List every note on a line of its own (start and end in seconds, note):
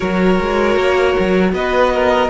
0.00 0.39 F#3
0.00 2.29 F#4
0.00 1.51 A#4
0.00 1.52 C#5
0.40 0.76 G#3
0.76 1.15 A#3
1.19 1.52 F#3
1.52 2.29 B3
1.52 1.93 B4
1.52 2.29 D#5
1.93 2.29 A#4